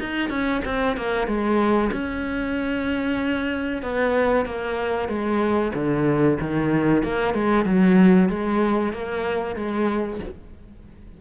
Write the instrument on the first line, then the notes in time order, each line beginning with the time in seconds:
cello
0.00 D#4
0.30 C#4
0.65 C4
0.97 A#3
1.27 G#3
1.92 C#4
3.83 B3
4.45 A#3
5.09 G#3
5.74 D3
6.40 D#3
7.03 A#3
7.34 G#3
7.65 F#3
8.29 G#3
8.93 A#3
9.56 G#3